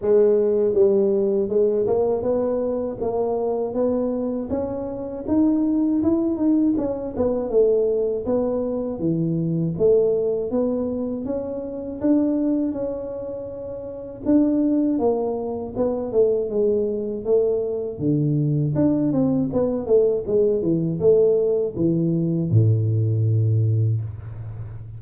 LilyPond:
\new Staff \with { instrumentName = "tuba" } { \time 4/4 \tempo 4 = 80 gis4 g4 gis8 ais8 b4 | ais4 b4 cis'4 dis'4 | e'8 dis'8 cis'8 b8 a4 b4 | e4 a4 b4 cis'4 |
d'4 cis'2 d'4 | ais4 b8 a8 gis4 a4 | d4 d'8 c'8 b8 a8 gis8 e8 | a4 e4 a,2 | }